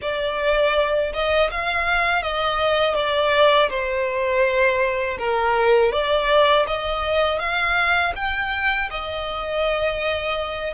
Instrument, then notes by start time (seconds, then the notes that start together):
violin
0.01 D5
1.13 D#5
1.51 F5
2.22 D#5
2.95 D5
3.69 C5
5.18 A#4
5.92 D5
6.67 D#5
7.39 F5
8.15 G5
8.90 D#5